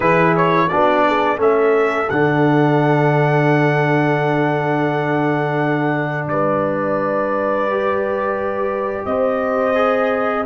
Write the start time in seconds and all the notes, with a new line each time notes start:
0.00 E3 E4 G#4 B4
0.36 C#5
0.68 B3 D4 F#4 D5
1.07 G#4
1.37 A3 C#4 A4 E5
2.09 D3 D4 F#5
6.27 G3 B4 D5
7.70 G4
9.05 C4 C5 D#5
9.75 G#4